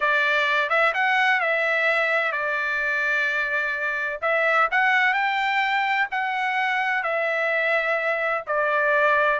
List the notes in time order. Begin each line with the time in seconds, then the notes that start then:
0.00 D5
0.69 E5
0.94 F#5
1.40 E5
2.32 D5
4.21 E5
4.71 F#5
5.13 G5
6.11 F#5
7.03 E5
8.46 D5